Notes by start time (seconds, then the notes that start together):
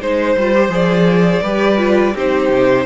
0.00 G#3 D#4 C5
0.37 G3 F4
0.55 G4
0.68 F3 G#4 D5
1.42 G3 G4 B4
1.77 F4
2.14 C4 D#4 G4 C5
2.49 C3